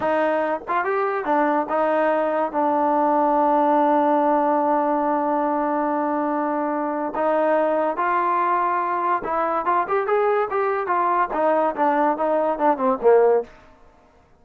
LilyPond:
\new Staff \with { instrumentName = "trombone" } { \time 4/4 \tempo 4 = 143 dis'4. f'8 g'4 d'4 | dis'2 d'2~ | d'1~ | d'1~ |
d'4 dis'2 f'4~ | f'2 e'4 f'8 g'8 | gis'4 g'4 f'4 dis'4 | d'4 dis'4 d'8 c'8 ais4 | }